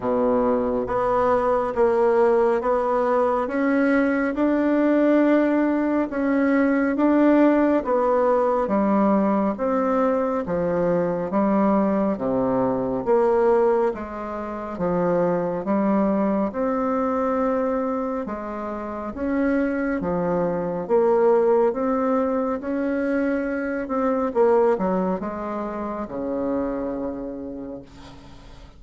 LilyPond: \new Staff \with { instrumentName = "bassoon" } { \time 4/4 \tempo 4 = 69 b,4 b4 ais4 b4 | cis'4 d'2 cis'4 | d'4 b4 g4 c'4 | f4 g4 c4 ais4 |
gis4 f4 g4 c'4~ | c'4 gis4 cis'4 f4 | ais4 c'4 cis'4. c'8 | ais8 fis8 gis4 cis2 | }